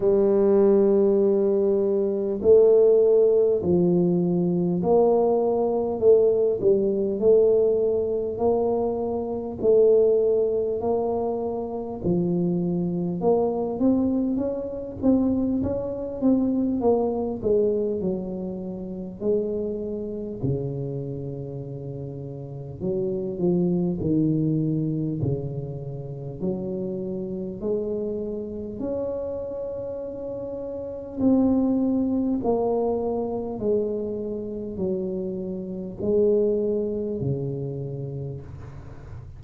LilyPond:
\new Staff \with { instrumentName = "tuba" } { \time 4/4 \tempo 4 = 50 g2 a4 f4 | ais4 a8 g8 a4 ais4 | a4 ais4 f4 ais8 c'8 | cis'8 c'8 cis'8 c'8 ais8 gis8 fis4 |
gis4 cis2 fis8 f8 | dis4 cis4 fis4 gis4 | cis'2 c'4 ais4 | gis4 fis4 gis4 cis4 | }